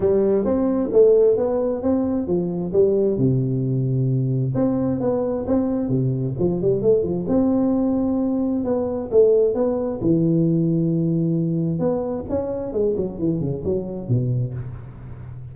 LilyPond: \new Staff \with { instrumentName = "tuba" } { \time 4/4 \tempo 4 = 132 g4 c'4 a4 b4 | c'4 f4 g4 c4~ | c2 c'4 b4 | c'4 c4 f8 g8 a8 f8 |
c'2. b4 | a4 b4 e2~ | e2 b4 cis'4 | gis8 fis8 e8 cis8 fis4 b,4 | }